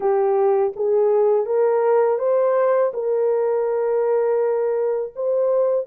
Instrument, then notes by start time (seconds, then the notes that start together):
horn
0.00 G4
0.75 G#4
1.46 A#4
2.19 C5
2.93 A#4
5.15 C5